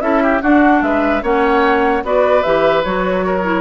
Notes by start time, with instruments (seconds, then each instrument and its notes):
0.00 bassoon C#4, clarinet E4, oboe A4, flute E5
0.23 oboe G4
0.42 bassoon D4, clarinet D4, oboe F#4, flute F#5
0.82 bassoon G#3, oboe B4, flute E5
1.22 bassoon A#3, clarinet C#4, oboe C#5, flute F#5
2.03 bassoon B3, clarinet F#4, oboe B4, flute D5
2.43 bassoon E3, clarinet G4, flute E5
2.83 bassoon F#3, clarinet F#4, flute C#5
3.25 oboe A#4
3.42 clarinet E4